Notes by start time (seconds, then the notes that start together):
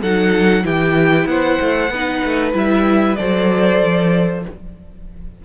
0.00 F#3 D#4 A4 F#5
0.62 E3 E4 G4 G5
1.26 B3 C5 F#5
1.61 A3
1.90 B3 D#4 B4
2.25 A3
2.53 G3 E4 E5
3.16 F#3 A4 C5 D5
3.81 F3